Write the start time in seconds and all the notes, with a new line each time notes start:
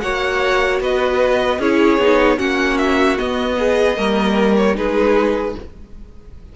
0.00 A#3 F#4 C#5 F#5
0.80 B3 B4 D#5
1.59 C#4 E4 G#4 C#5
1.98 B3 D#4
2.37 A#3 C#4 F#4 F#5
2.77 E5
3.17 B3 D#5
3.59 G#4
3.96 G3 A#3 A#4
4.56 C#5
4.74 G#3 D#4 G#4 B4